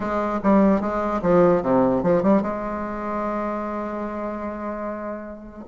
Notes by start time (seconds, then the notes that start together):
0.00 G#3
0.43 G3
0.80 G#3
1.22 F3
1.62 C3
2.02 F3
2.22 G3
2.42 G#3